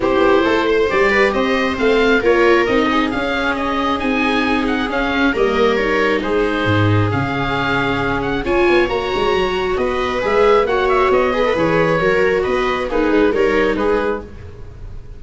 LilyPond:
<<
  \new Staff \with { instrumentName = "oboe" } { \time 4/4 \tempo 4 = 135 c''2 d''4 dis''4 | f''4 cis''4 dis''4 f''4 | dis''4 gis''4. fis''8 f''4 | dis''4 cis''4 c''2 |
f''2~ f''8 fis''8 gis''4 | ais''2 dis''4 e''4 | fis''8 e''8 dis''4 cis''2 | dis''4 b'4 cis''4 b'4 | }
  \new Staff \with { instrumentName = "viola" } { \time 4/4 g'4 a'8 c''4 b'8 c''4~ | c''4 ais'4. gis'4.~ | gis'1 | ais'2 gis'2~ |
gis'2. cis''4~ | cis''2 b'2 | cis''4. b'4. ais'4 | b'4 dis'4 ais'4 gis'4 | }
  \new Staff \with { instrumentName = "viola" } { \time 4/4 e'2 g'2 | c'4 f'4 dis'4 cis'4~ | cis'4 dis'2 cis'4 | ais4 dis'2. |
cis'2. f'4 | fis'2. gis'4 | fis'4. gis'16 a'16 gis'4 fis'4~ | fis'4 gis'4 dis'2 | }
  \new Staff \with { instrumentName = "tuba" } { \time 4/4 c'8 b8 a4 g4 c'4 | a4 ais4 c'4 cis'4~ | cis'4 c'2 cis'4 | g2 gis4 gis,4 |
cis2. cis'8 b8 | ais8 gis8 fis4 b4 gis4 | ais4 b4 e4 fis4 | b4 ais8 gis8 g4 gis4 | }
>>